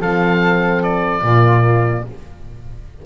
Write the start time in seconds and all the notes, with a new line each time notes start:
0.00 F3 C4 A4 F5
0.82 D5
1.22 A#2 A#3 F4